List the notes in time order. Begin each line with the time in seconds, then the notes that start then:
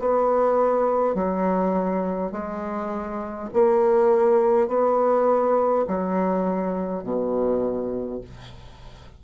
0.00 B3
1.15 F#3
2.32 G#3
3.53 A#3
4.68 B3
5.88 F#3
7.04 B2